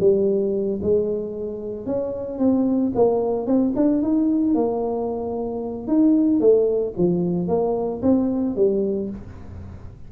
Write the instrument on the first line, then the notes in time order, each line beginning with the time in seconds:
tuba
0.00 G3
0.82 G#3
1.86 C#4
2.39 C4
2.95 A#3
3.47 C4
3.76 D4
4.02 D#4
4.54 A#3
5.87 D#4
6.40 A3
6.97 F3
7.48 A#3
8.02 C4
8.56 G3